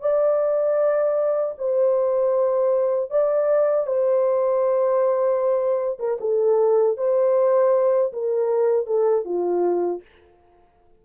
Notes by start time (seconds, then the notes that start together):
0.00 D5
1.57 C5
3.10 D5
3.86 C5
5.99 A#4
6.20 A4
6.97 C5
8.13 A#4
8.86 A4
9.24 F4